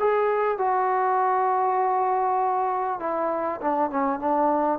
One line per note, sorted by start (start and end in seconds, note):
0.00 0.58 G#4
0.58 3.00 F#4
3.00 3.61 E4
3.61 3.91 D4
3.91 4.20 C#4
4.20 4.79 D4